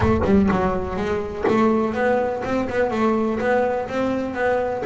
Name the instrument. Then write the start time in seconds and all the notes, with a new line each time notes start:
double bass
0.00 A3
0.24 G3
0.51 F#3
0.96 G#3
1.48 A3
1.94 B3
2.44 C4
2.69 B3
2.91 A3
3.39 B3
3.88 C4
4.34 B3